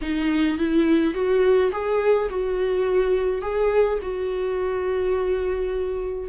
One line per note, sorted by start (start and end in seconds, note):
0.01 0.57 D#4
0.57 1.14 E4
1.14 1.71 F#4
1.72 2.29 G#4
2.29 3.41 F#4
3.41 3.98 G#4
4.02 6.28 F#4